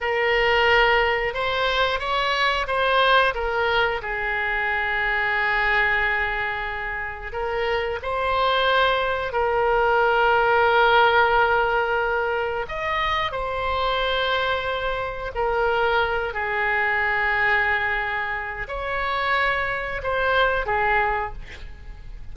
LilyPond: \new Staff \with { instrumentName = "oboe" } { \time 4/4 \tempo 4 = 90 ais'2 c''4 cis''4 | c''4 ais'4 gis'2~ | gis'2. ais'4 | c''2 ais'2~ |
ais'2. dis''4 | c''2. ais'4~ | ais'8 gis'2.~ gis'8 | cis''2 c''4 gis'4 | }